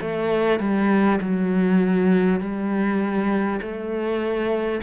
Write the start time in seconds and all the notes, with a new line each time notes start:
0.00 A3
0.59 G3
1.21 F#3
2.40 G3
3.61 A3